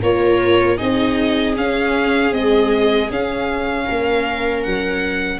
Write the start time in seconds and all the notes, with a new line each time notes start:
0.00 A#3 F4 A#4 C#5
0.77 C4 D#4 G#4 D#5
1.56 C#4 F5
2.31 G#3 C4 D#5
3.10 C#4 F5
3.85 A#3 A#4
4.62 F#3 F#5